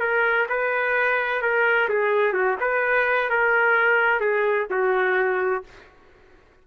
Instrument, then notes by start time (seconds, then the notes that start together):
trumpet
0.00 A#4
0.49 B4
1.42 A#4
1.90 G#4
2.34 F#4
2.60 B4
3.30 A#4
4.21 G#4
4.71 F#4